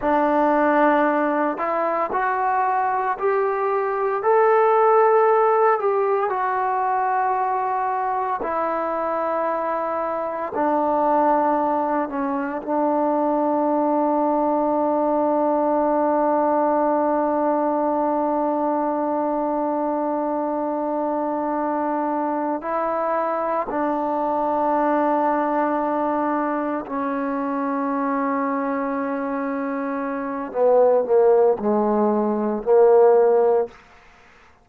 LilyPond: \new Staff \with { instrumentName = "trombone" } { \time 4/4 \tempo 4 = 57 d'4. e'8 fis'4 g'4 | a'4. g'8 fis'2 | e'2 d'4. cis'8 | d'1~ |
d'1~ | d'4. e'4 d'4.~ | d'4. cis'2~ cis'8~ | cis'4 b8 ais8 gis4 ais4 | }